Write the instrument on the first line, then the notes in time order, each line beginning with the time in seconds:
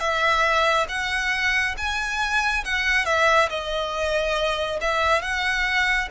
violin
0.00 E5
0.89 F#5
1.77 G#5
2.65 F#5
3.06 E5
3.49 D#5
4.81 E5
5.22 F#5